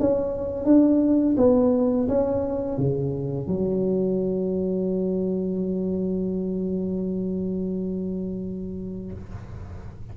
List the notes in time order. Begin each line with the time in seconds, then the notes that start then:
0.00 C#4
0.65 D4
1.37 B3
2.08 C#4
2.77 C#3
3.47 F#3